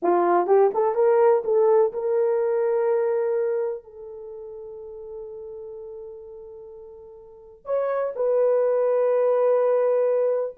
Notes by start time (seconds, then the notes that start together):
0.02 F4
0.46 G4
0.74 A4
0.94 A#4
1.44 A4
1.92 A#4
3.83 A4
7.65 C#5
8.15 B4